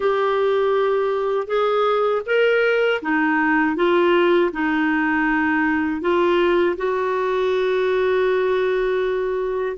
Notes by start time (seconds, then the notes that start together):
0.00 G4
1.47 G#4
2.26 A#4
3.01 D#4
3.76 F4
4.52 D#4
6.01 F4
6.76 F#4